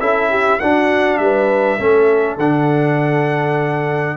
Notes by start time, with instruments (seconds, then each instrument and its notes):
0.00 tuba C#4, trombone E4, horn A4, trumpet E5
0.30 horn G4
0.60 tuba D4, trombone D4, horn F#4, trumpet F#5
1.17 tuba G3, horn B4, trumpet E5
1.77 tuba A3, trombone C#4, horn A4
2.37 tuba D3, trombone D4, trumpet F#5